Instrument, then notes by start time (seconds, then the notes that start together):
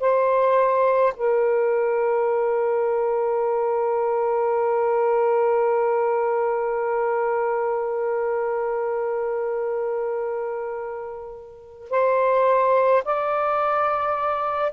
saxophone
0.00 C5
1.16 A#4
11.90 C5
13.04 D5